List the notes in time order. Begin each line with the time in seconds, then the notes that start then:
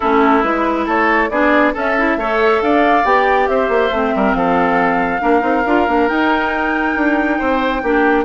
0.00 A3 C#4 E4 A4
0.42 G#3 E4 B4
0.85 A3 A4 C#5
1.29 B3 D4 G#4 D5
1.73 C#4 A4 E5
1.97 E4
2.16 A3 A4 C#5
2.62 D4 D5 F5
3.04 B3 G4 G5
3.47 C4 C5 E5
3.68 A#3
3.90 A3 C4
4.15 G3 A#4
4.33 F3 A4 F5
5.20 A#3 D4 A#4
5.40 C4 D#4
5.65 D4 F4
5.87 A#3 D4
6.08 D#4 G5
6.96 D4
7.38 C4 C5
7.82 A#3 D4 G4